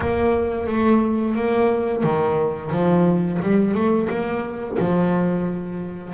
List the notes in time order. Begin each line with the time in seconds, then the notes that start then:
0.00 A#3
0.67 A3
1.35 A#3
2.03 D#3
2.71 F3
3.42 G3
3.74 A3
4.09 A#3
4.79 F3